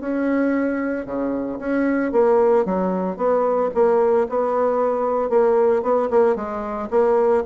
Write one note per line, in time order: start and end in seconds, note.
0.00 1.05 C#4
1.05 1.59 C#3
1.59 2.12 C#4
2.12 2.65 A#3
2.65 3.17 F#3
3.17 3.70 B3
3.74 4.27 A#3
4.29 5.29 B3
5.29 5.82 A#3
5.82 6.09 B3
6.10 6.35 A#3
6.35 6.89 G#3
6.90 7.43 A#3